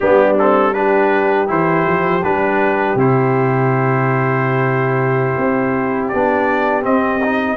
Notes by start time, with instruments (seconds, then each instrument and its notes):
0.00 tuba G3, trombone B3, horn D4, trumpet G4
0.38 trombone C4, trumpet A4
0.73 trombone D4, horn G4, trumpet B4
1.47 tuba E3, trombone E4, trumpet C5
1.86 tuba F3
2.23 tuba G3, trombone D4, trumpet B4
2.95 tuba C3, trombone E4, trumpet C5
5.37 tuba C4
6.08 tuba B3, trombone D4, trumpet D5
6.82 trombone C4, tuba C4, trumpet D#5
7.24 trombone D#4